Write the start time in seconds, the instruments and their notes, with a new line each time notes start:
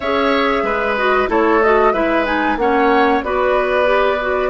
0.00 bassoon C#4, clarinet G#4, oboe C#5, flute E5
0.62 bassoon G#3, oboe B4
0.96 clarinet F#4, flute D#5
1.28 bassoon A3, clarinet E4, oboe A4, flute C#5
1.62 clarinet F#4, flute D#5
1.93 bassoon G#3, clarinet E4, oboe B4, flute E5
2.25 clarinet D#4, flute G#5
2.56 bassoon A#3, clarinet C#4, oboe C#5, flute F#5
3.23 bassoon B3, clarinet F#4, oboe B4, flute D5
3.85 clarinet G4
4.21 clarinet F#4